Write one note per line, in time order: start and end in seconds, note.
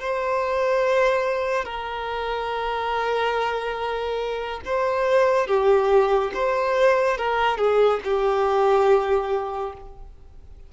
0.00 1.65 C5
1.65 4.61 A#4
4.66 5.47 C5
5.47 6.31 G4
6.34 7.18 C5
7.18 7.58 A#4
7.58 8.00 G#4
8.04 9.73 G4